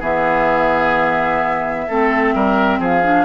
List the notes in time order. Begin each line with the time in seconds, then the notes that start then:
0.00 E3 B3 G#4 E5
1.88 A3 C4 A4
2.35 G3 A#4
2.80 F3 G#4 F5
3.04 D4